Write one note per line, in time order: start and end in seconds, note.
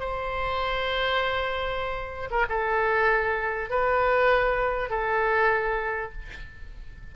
0.00 2.30 C5
2.31 2.46 A#4
2.50 3.70 A4
3.70 4.90 B4
4.90 6.13 A4